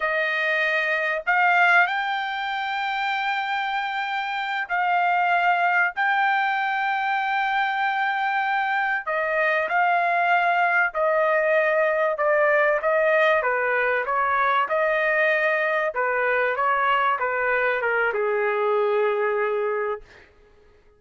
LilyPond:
\new Staff \with { instrumentName = "trumpet" } { \time 4/4 \tempo 4 = 96 dis''2 f''4 g''4~ | g''2.~ g''8 f''8~ | f''4. g''2~ g''8~ | g''2~ g''8 dis''4 f''8~ |
f''4. dis''2 d''8~ | d''8 dis''4 b'4 cis''4 dis''8~ | dis''4. b'4 cis''4 b'8~ | b'8 ais'8 gis'2. | }